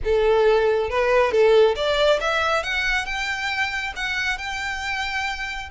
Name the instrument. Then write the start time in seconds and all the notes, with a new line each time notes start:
violin
0.04 A4
0.90 B4
1.31 A4
1.75 D5
2.20 E5
2.63 F#5
3.05 G5
3.96 F#5
4.38 G5